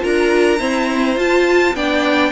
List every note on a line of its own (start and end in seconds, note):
0.00 0.60 D4
0.00 0.58 F4
0.00 0.60 A#4
0.00 1.19 A#5
0.59 1.16 C4
0.59 1.17 E4
0.59 1.76 C5
1.16 1.74 F4
1.16 1.76 A5
1.75 2.32 B3
1.75 2.32 D4
1.75 2.32 D5
1.75 2.32 G5